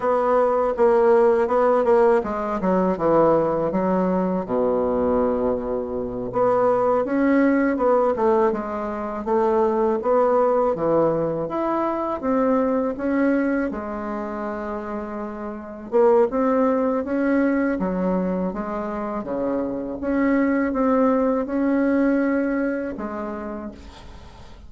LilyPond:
\new Staff \with { instrumentName = "bassoon" } { \time 4/4 \tempo 4 = 81 b4 ais4 b8 ais8 gis8 fis8 | e4 fis4 b,2~ | b,8 b4 cis'4 b8 a8 gis8~ | gis8 a4 b4 e4 e'8~ |
e'8 c'4 cis'4 gis4.~ | gis4. ais8 c'4 cis'4 | fis4 gis4 cis4 cis'4 | c'4 cis'2 gis4 | }